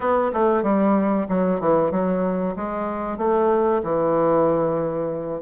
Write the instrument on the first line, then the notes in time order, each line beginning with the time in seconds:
bassoon
0.00 B3
0.33 A3
0.62 G3
1.29 F#3
1.60 E3
1.91 F#3
2.56 G#3
3.17 A3
3.83 E3